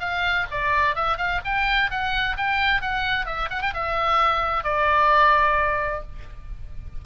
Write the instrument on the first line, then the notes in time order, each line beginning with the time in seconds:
oboe
0.00 F5
0.51 D5
0.95 E5
1.18 F5
1.45 G5
1.91 F#5
2.37 G5
2.82 F#5
3.26 E5
3.50 F#5
3.62 G5
3.74 E5
4.64 D5